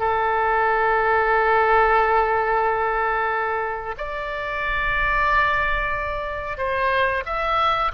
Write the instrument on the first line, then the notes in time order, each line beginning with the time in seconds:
oboe
0.00 A4
3.98 D5
6.58 C5
7.26 E5